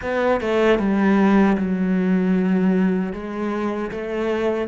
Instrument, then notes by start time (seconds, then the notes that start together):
cello
0.02 B3
0.40 A3
0.78 G3
1.57 F#3
3.12 G#3
3.91 A3